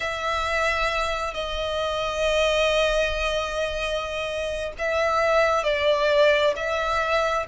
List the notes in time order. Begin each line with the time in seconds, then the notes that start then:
0.00 E5
1.34 D#5
4.78 E5
5.63 D5
6.56 E5